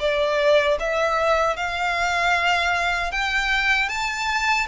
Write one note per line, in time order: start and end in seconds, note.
0.00 0.78 D5
0.80 1.57 E5
1.57 3.12 F5
3.12 3.89 G5
3.89 4.67 A5